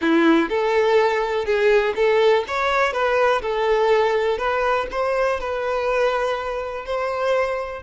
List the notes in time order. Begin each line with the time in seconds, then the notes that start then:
0.01 E4
0.49 A4
1.45 G#4
1.95 A4
2.47 C#5
2.93 B4
3.42 A4
4.38 B4
4.91 C5
5.39 B4
6.85 C5